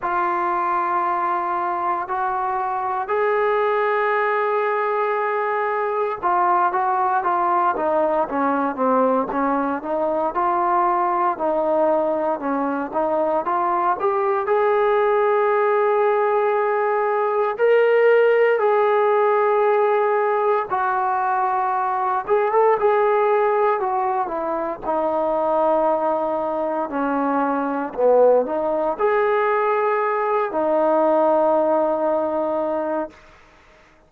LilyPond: \new Staff \with { instrumentName = "trombone" } { \time 4/4 \tempo 4 = 58 f'2 fis'4 gis'4~ | gis'2 f'8 fis'8 f'8 dis'8 | cis'8 c'8 cis'8 dis'8 f'4 dis'4 | cis'8 dis'8 f'8 g'8 gis'2~ |
gis'4 ais'4 gis'2 | fis'4. gis'16 a'16 gis'4 fis'8 e'8 | dis'2 cis'4 b8 dis'8 | gis'4. dis'2~ dis'8 | }